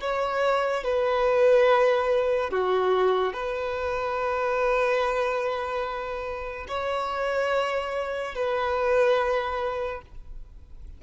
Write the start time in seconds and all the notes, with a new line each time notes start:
0.00 C#5
0.83 B4
2.50 F#4
3.33 B4
6.68 C#5
8.34 B4